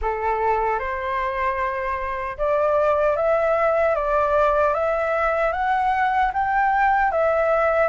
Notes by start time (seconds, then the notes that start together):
0.01 A4
0.79 C5
2.37 D5
3.16 E5
3.95 D5
4.74 E5
5.52 F#5
6.33 G5
7.11 E5